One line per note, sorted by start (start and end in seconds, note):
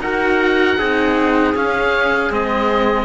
0.00 0.77 D#4
0.00 0.77 F#4
0.00 0.78 A#4
0.00 1.55 F#5
0.77 1.54 C4
0.77 1.54 D#4
0.77 3.05 G#4
1.54 2.31 C#4
1.54 2.32 F5
2.31 3.05 G#3
2.31 3.05 C4
2.31 3.05 D#5